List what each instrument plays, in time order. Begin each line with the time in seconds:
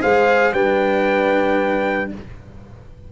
0.00 tuba G#3, cello G#4, horn C5, trumpet F5
0.52 tuba G3, cello D4, horn B4, trumpet G5